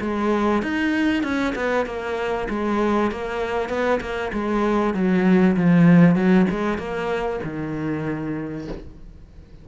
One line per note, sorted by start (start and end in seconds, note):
0.00 0.62 G#3
0.62 1.23 D#4
1.23 1.54 C#4
1.55 1.86 B3
1.86 2.48 A#3
2.49 3.11 G#3
3.11 3.69 A#3
3.69 4.00 B3
4.00 4.31 A#3
4.32 4.94 G#3
4.94 5.56 F#3
5.56 6.15 F3
6.15 6.46 F#3
6.50 6.78 G#3
6.78 7.40 A#3
7.44 8.67 D#3